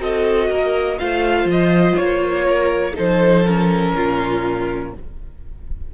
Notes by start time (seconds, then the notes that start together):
0.00 C4 F#4 A4 D#5
0.49 A#3 A#4
0.98 A3 F4 C5 F5
1.46 F3 D#5
1.97 A#3 C#5
2.44 A#4
2.95 F3 D#4 A4 C5
3.46 C#4 A#4
3.96 A#2 F4